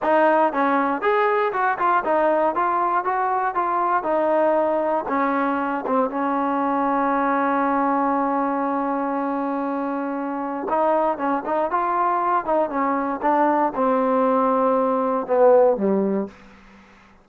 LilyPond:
\new Staff \with { instrumentName = "trombone" } { \time 4/4 \tempo 4 = 118 dis'4 cis'4 gis'4 fis'8 f'8 | dis'4 f'4 fis'4 f'4 | dis'2 cis'4. c'8 | cis'1~ |
cis'1~ | cis'4 dis'4 cis'8 dis'8 f'4~ | f'8 dis'8 cis'4 d'4 c'4~ | c'2 b4 g4 | }